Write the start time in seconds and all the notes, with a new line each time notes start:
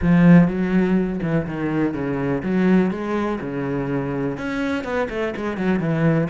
0.02 F3
0.47 F#3
1.22 E3
1.46 D#3
1.94 C#3
2.42 F#3
2.90 G#3
3.40 C#3
4.37 C#4
4.83 B3
5.09 A3
5.36 G#3
5.57 F#3
5.79 E3